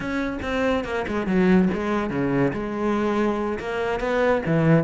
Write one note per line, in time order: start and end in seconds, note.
0.00 0.38 C#4
0.42 0.84 C4
0.84 1.05 A#3
1.07 1.26 G#3
1.26 1.69 F#3
1.73 2.10 G#3
2.10 2.52 C#3
2.53 3.58 G#3
3.59 3.99 A#3
3.99 4.42 B3
4.45 4.83 E3